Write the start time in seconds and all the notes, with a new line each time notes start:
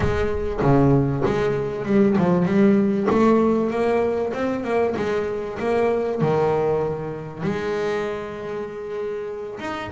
0.00 G#3
0.61 C#3
1.25 G#3
1.85 G3
2.18 F3
2.45 G3
3.10 A3
3.70 A#3
4.33 C4
4.64 A#3
4.96 G#3
5.59 A#3
6.21 D#3
7.42 G#3
9.59 D#4